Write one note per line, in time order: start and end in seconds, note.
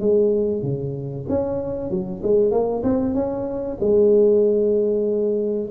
0.00 0.63 G#3
0.63 1.26 C#3
1.29 1.90 C#4
1.90 2.22 F#3
2.23 2.51 G#3
2.51 2.83 A#3
2.84 3.15 C4
3.15 3.78 C#4
3.80 5.70 G#3